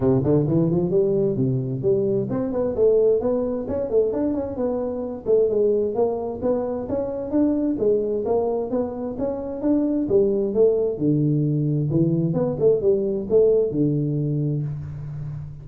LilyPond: \new Staff \with { instrumentName = "tuba" } { \time 4/4 \tempo 4 = 131 c8 d8 e8 f8 g4 c4 | g4 c'8 b8 a4 b4 | cis'8 a8 d'8 cis'8 b4. a8 | gis4 ais4 b4 cis'4 |
d'4 gis4 ais4 b4 | cis'4 d'4 g4 a4 | d2 e4 b8 a8 | g4 a4 d2 | }